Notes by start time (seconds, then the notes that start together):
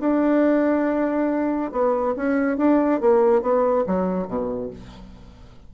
0.00 D4
1.71 B3
2.16 C#4
2.57 D4
3.00 A#3
3.41 B3
3.86 F#3
4.27 B2